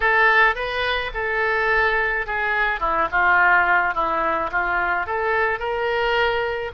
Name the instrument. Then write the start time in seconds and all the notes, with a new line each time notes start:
oboe
0.00 A4
0.55 B4
1.14 A4
2.26 G#4
2.80 E4
3.11 F4
3.94 E4
4.51 F4
5.06 A4
5.59 A#4